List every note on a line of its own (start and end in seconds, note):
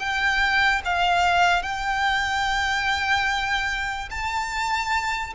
0.00 0.82 G5
0.85 1.63 F5
1.63 4.09 G5
4.11 5.34 A5